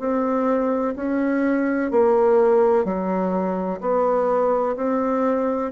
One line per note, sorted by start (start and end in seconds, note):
0.00 0.95 C4
0.96 1.91 C#4
1.91 2.85 A#3
2.85 3.81 F#3
3.81 4.76 B3
4.77 5.72 C4